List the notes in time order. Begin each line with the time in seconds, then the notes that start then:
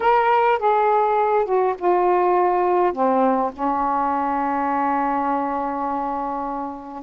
0.00 A#4
0.58 G#4
1.45 F#4
1.78 F4
2.93 C4
3.53 C#4